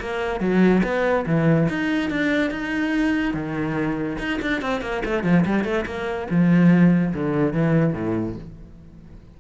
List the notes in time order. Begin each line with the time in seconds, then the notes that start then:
0.00 A#3
0.40 F#3
0.84 B3
1.26 E3
1.69 D#4
2.10 D4
2.51 D#4
3.34 D#3
4.18 D#4
4.42 D4
4.61 C4
4.81 A#3
5.05 A3
5.23 F3
5.45 G3
5.64 A3
5.86 A#3
6.30 F3
7.14 D3
7.53 E3
7.93 A2